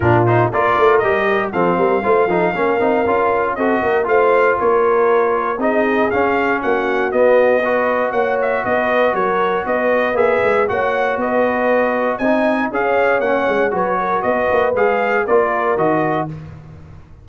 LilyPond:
<<
  \new Staff \with { instrumentName = "trumpet" } { \time 4/4 \tempo 4 = 118 ais'8 c''8 d''4 dis''4 f''4~ | f''2. dis''4 | f''4 cis''2 dis''4 | f''4 fis''4 dis''2 |
fis''8 e''8 dis''4 cis''4 dis''4 | e''4 fis''4 dis''2 | gis''4 f''4 fis''4 cis''4 | dis''4 f''4 d''4 dis''4 | }
  \new Staff \with { instrumentName = "horn" } { \time 4/4 f'4 ais'2 a'8 ais'8 | c''8 a'8 ais'2 a'8 ais'8 | c''4 ais'2 gis'4~ | gis'4 fis'2 b'4 |
cis''4 b'4 ais'4 b'4~ | b'4 cis''4 b'2 | dis''4 cis''2 b'8 ais'8 | b'2 ais'2 | }
  \new Staff \with { instrumentName = "trombone" } { \time 4/4 d'8 dis'8 f'4 g'4 c'4 | f'8 dis'8 cis'8 dis'8 f'4 fis'4 | f'2. dis'4 | cis'2 b4 fis'4~ |
fis'1 | gis'4 fis'2. | dis'4 gis'4 cis'4 fis'4~ | fis'4 gis'4 f'4 fis'4 | }
  \new Staff \with { instrumentName = "tuba" } { \time 4/4 ais,4 ais8 a8 g4 f8 g8 | a8 f8 ais8 c'8 cis'4 c'8 ais8 | a4 ais2 c'4 | cis'4 ais4 b2 |
ais4 b4 fis4 b4 | ais8 gis8 ais4 b2 | c'4 cis'4 ais8 gis8 fis4 | b8 ais8 gis4 ais4 dis4 | }
>>